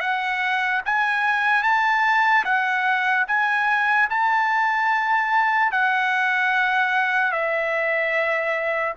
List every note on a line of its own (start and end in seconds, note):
0.00 0.81 F#5
0.85 1.63 G#5
1.63 2.44 A5
2.44 3.25 F#5
3.27 4.08 G#5
4.10 5.72 A5
5.72 7.32 F#5
7.32 8.94 E5